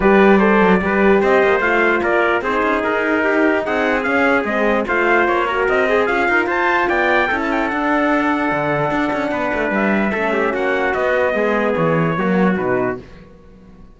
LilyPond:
<<
  \new Staff \with { instrumentName = "trumpet" } { \time 4/4 \tempo 4 = 148 d''2. dis''4 | f''4 d''4 c''4 ais'4~ | ais'4 fis''4 f''4 dis''4 | f''4 cis''4 dis''4 f''4 |
a''4 g''4~ g''16 a''16 g''8 fis''4~ | fis''1 | e''2 fis''4 dis''4~ | dis''4 cis''2 b'4 | }
  \new Staff \with { instrumentName = "trumpet" } { \time 4/4 b'4 c''4 b'4 c''4~ | c''4 ais'4 gis'2 | g'4 gis'2. | c''4. ais'4 gis'4 ais'8 |
c''4 d''4 a'2~ | a'2. b'4~ | b'4 a'8 g'8 fis'2 | gis'2 fis'2 | }
  \new Staff \with { instrumentName = "horn" } { \time 4/4 g'4 a'4 g'2 | f'2 dis'2~ | dis'2 cis'4 c'4 | f'4. fis'4 gis'8 f'4~ |
f'2 e'4 d'4~ | d'1~ | d'4 cis'2 b4~ | b2 ais4 dis'4 | }
  \new Staff \with { instrumentName = "cello" } { \time 4/4 g4. fis8 g4 c'8 ais8 | a4 ais4 c'8 cis'8 dis'4~ | dis'4 c'4 cis'4 gis4 | a4 ais4 c'4 cis'8 dis'8 |
f'4 b4 cis'4 d'4~ | d'4 d4 d'8 cis'8 b8 a8 | g4 a4 ais4 b4 | gis4 e4 fis4 b,4 | }
>>